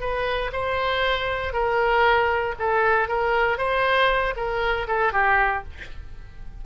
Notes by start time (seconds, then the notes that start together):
0.00 B4
0.52 C5
1.53 A#4
2.59 A4
3.08 A#4
3.58 C5
4.36 A#4
4.87 A4
5.12 G4